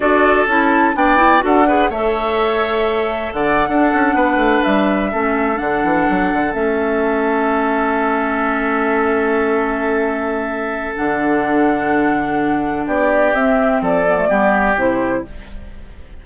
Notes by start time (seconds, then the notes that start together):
0.00 D4 F#4 A4 D5
0.47 C#4 E4 A5
0.94 B3 D4 D5 G5
1.16 E4
1.39 D4 F#4 A4 F#5
1.67 G#4 B4
1.89 A3 A4 C#5 E5
3.33 D3 D5 F#5
3.68 D4 A4
3.93 C#4
4.14 B3 B4
4.36 A3
4.63 G3 E5
5.11 A3 C#4 A4
5.55 D3 D4 F#5
5.83 E3
6.09 F#3
6.32 D3
6.53 A3 C#4 E5
10.96 D3 D4 F#5
12.86 B3 G4 D5
13.33 C4 E5
13.81 F3 A4 D5
14.06 B3
14.17 A3
14.28 G3 B3 G4
14.75 C3 E4 C5